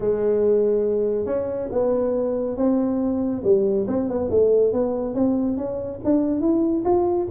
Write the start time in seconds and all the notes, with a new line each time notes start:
0.00 G#3
1.25 C#4
1.71 B3
2.56 C4
3.43 G3
3.87 C4
4.08 B3
4.30 A3
4.72 B3
5.14 C4
5.57 C#4
6.04 D4
6.40 E4
6.84 F4